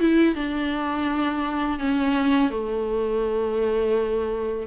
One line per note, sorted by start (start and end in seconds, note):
0.00 0.35 E4
0.35 1.79 D4
1.79 2.50 C#4
2.50 4.67 A3